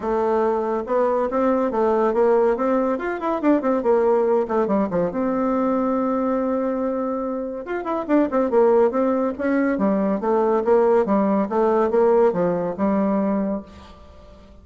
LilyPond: \new Staff \with { instrumentName = "bassoon" } { \time 4/4 \tempo 4 = 141 a2 b4 c'4 | a4 ais4 c'4 f'8 e'8 | d'8 c'8 ais4. a8 g8 f8 | c'1~ |
c'2 f'8 e'8 d'8 c'8 | ais4 c'4 cis'4 g4 | a4 ais4 g4 a4 | ais4 f4 g2 | }